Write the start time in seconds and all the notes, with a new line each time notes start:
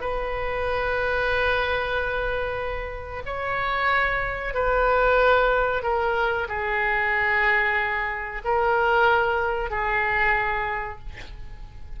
0.00 B4
3.26 C#5
4.54 B4
5.82 A#4
6.48 G#4
8.44 A#4
9.70 G#4